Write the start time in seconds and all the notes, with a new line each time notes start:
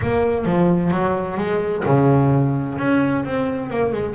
0.01 A#3
0.45 F3
0.91 F#3
1.37 G#3
1.85 C#3
2.78 C#4
3.24 C4
3.69 A#3
3.92 G#3